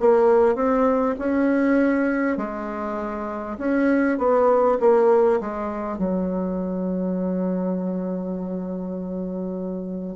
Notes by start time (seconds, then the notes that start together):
0.00 A#3
0.55 C4
1.18 C#4
2.37 G#3
3.58 C#4
4.18 B3
4.80 A#3
5.41 G#3
5.98 F#3